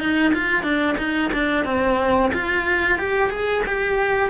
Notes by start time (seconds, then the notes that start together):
0.00 D#4
0.34 F4
0.63 D4
0.98 D#4
1.33 D4
1.65 C4
2.34 F4
2.99 G4
3.30 G#4
3.67 G4